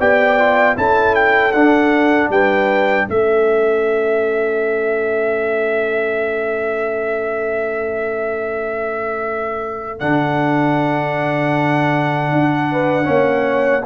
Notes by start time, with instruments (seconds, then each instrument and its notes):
0.00 tuba B3, trombone G4, horn D5, trumpet G5
0.39 trombone F4
0.76 tuba C#4, trombone E4, horn A4, trumpet A5
1.15 trumpet G5
1.53 tuba D4, trombone D4, trumpet F#5
2.30 tuba G3, horn B4, trumpet G5
3.08 tuba A3, trombone C#4, horn A4, trumpet E5
10.00 tuba D3, trombone D4, trumpet F#5
12.33 tuba D4
12.72 horn B4
13.04 tuba A#3, trombone C#4, horn C#5